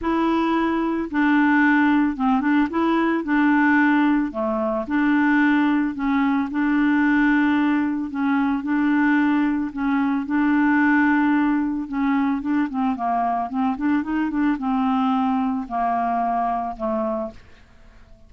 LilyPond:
\new Staff \with { instrumentName = "clarinet" } { \time 4/4 \tempo 4 = 111 e'2 d'2 | c'8 d'8 e'4 d'2 | a4 d'2 cis'4 | d'2. cis'4 |
d'2 cis'4 d'4~ | d'2 cis'4 d'8 c'8 | ais4 c'8 d'8 dis'8 d'8 c'4~ | c'4 ais2 a4 | }